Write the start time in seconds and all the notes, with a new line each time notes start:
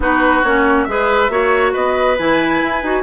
0.00 B3 D#4 F#4 B4
0.43 A#3 C#4 C#5
0.84 G#3 G#4 E5
0.90 B4
1.29 A#3 F#4 C#5
1.72 B3 B4 D#5
2.18 E3 E4 G#5
2.61 E4
2.83 D#4 F#4